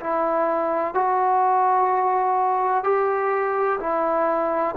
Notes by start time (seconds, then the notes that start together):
0.00 E4
0.94 F#4
2.84 G4
3.80 E4